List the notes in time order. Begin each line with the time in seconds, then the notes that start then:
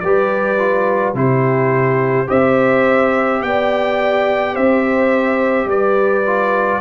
0.00 G3 G4 B4 D5
0.58 F4
1.14 C3 E4 G4 C5
2.27 C4 G4 C5 E5
3.42 B3 D5 G5
4.54 C4 C5 E5
5.65 G3 B4 D5
6.26 F4